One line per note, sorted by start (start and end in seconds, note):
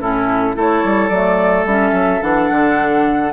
0.00 0.56 A2
0.00 0.55 C#4
0.00 0.56 E4
0.00 0.56 A4
0.55 0.84 A3
0.55 1.10 E4
0.55 3.33 A4
0.55 1.08 C#5
0.84 1.09 G3
1.08 1.65 F#3
1.08 1.67 A3
1.08 1.64 D5
1.65 1.92 G3
1.65 2.21 C#4
1.65 2.22 E5
1.92 2.20 F#3
2.21 2.50 E3
2.21 3.32 D4
2.21 3.33 F#5
2.51 3.33 D3